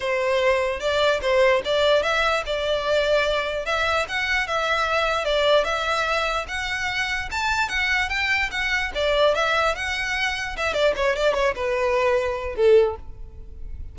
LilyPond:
\new Staff \with { instrumentName = "violin" } { \time 4/4 \tempo 4 = 148 c''2 d''4 c''4 | d''4 e''4 d''2~ | d''4 e''4 fis''4 e''4~ | e''4 d''4 e''2 |
fis''2 a''4 fis''4 | g''4 fis''4 d''4 e''4 | fis''2 e''8 d''8 cis''8 d''8 | cis''8 b'2~ b'8 a'4 | }